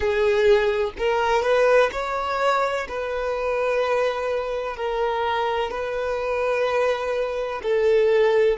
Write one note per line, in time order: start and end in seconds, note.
0.00 0.91 G#4
0.98 1.42 A#4
1.42 1.90 B4
1.91 2.87 C#5
2.88 4.76 B4
4.76 5.70 A#4
5.70 7.61 B4
7.62 8.58 A4